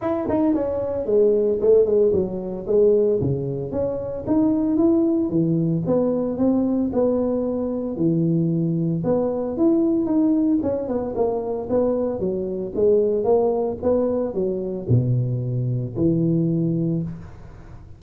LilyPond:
\new Staff \with { instrumentName = "tuba" } { \time 4/4 \tempo 4 = 113 e'8 dis'8 cis'4 gis4 a8 gis8 | fis4 gis4 cis4 cis'4 | dis'4 e'4 e4 b4 | c'4 b2 e4~ |
e4 b4 e'4 dis'4 | cis'8 b8 ais4 b4 fis4 | gis4 ais4 b4 fis4 | b,2 e2 | }